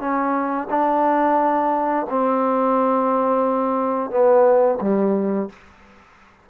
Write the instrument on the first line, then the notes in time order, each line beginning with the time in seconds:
trombone
0.00 C#4
0.70 D4
2.10 C4
4.11 B3
4.82 G3